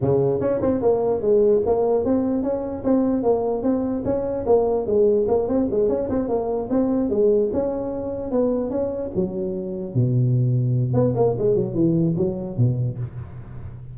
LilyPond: \new Staff \with { instrumentName = "tuba" } { \time 4/4 \tempo 4 = 148 cis4 cis'8 c'8 ais4 gis4 | ais4 c'4 cis'4 c'4 | ais4 c'4 cis'4 ais4 | gis4 ais8 c'8 gis8 cis'8 c'8 ais8~ |
ais8 c'4 gis4 cis'4.~ | cis'8 b4 cis'4 fis4.~ | fis8 b,2~ b,8 b8 ais8 | gis8 fis8 e4 fis4 b,4 | }